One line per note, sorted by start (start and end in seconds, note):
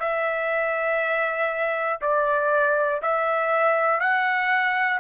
0.00 2.00 E5
2.01 3.01 D5
3.02 4.00 E5
4.00 5.00 F#5